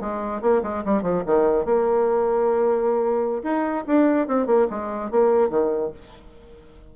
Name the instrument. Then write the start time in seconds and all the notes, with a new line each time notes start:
bassoon
0.00 G#3
0.41 A#3
0.62 G#3
0.84 G3
1.02 F3
1.26 D#3
1.65 A#3
3.43 D#4
3.86 D4
4.27 C4
4.46 A#3
4.70 G#3
5.10 A#3
5.49 D#3